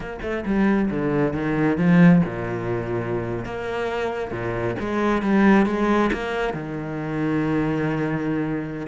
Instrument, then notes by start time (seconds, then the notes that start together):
cello
0.00 A#3
0.22 A3
0.45 G3
0.90 D3
1.33 D#3
1.77 F3
2.25 A#2
3.45 A#3
4.31 A#2
4.79 G#3
5.21 G3
5.65 G#3
6.12 A#3
6.53 D#3